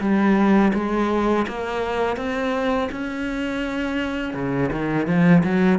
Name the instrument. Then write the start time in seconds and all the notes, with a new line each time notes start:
cello
0.00 G3
0.74 G#3
1.48 A#3
2.17 C4
2.91 C#4
4.33 C#3
4.72 D#3
5.07 F3
5.44 F#3